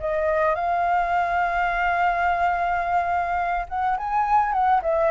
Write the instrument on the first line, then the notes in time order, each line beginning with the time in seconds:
flute
0.00 D#5
0.55 F5
3.69 F#5
3.98 G#5
4.53 F#5
4.82 E5